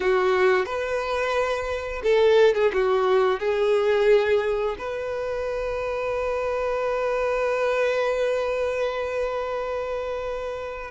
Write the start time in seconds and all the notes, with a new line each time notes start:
0.00 F#4
0.65 B4
2.03 A4
2.54 G#4
2.73 F#4
3.39 G#4
4.78 B4